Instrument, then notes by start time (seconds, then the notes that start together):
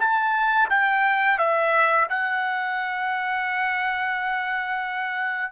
trumpet
0.00 A5
0.70 G5
1.39 E5
2.09 F#5